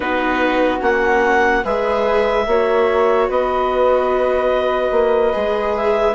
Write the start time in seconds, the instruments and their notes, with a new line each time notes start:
0.00 bassoon B3, viola D#4, flute F#4, clarinet B4
0.80 bassoon A#3, viola C#4, clarinet F#5
1.63 bassoon G#3, viola G#4, flute B4, clarinet E5
2.46 bassoon A#3, viola F#4, flute C#5
3.28 bassoon B3, flute B4, clarinet D#5
4.91 bassoon A#3
5.32 bassoon G#3, viola G#4
5.76 clarinet E5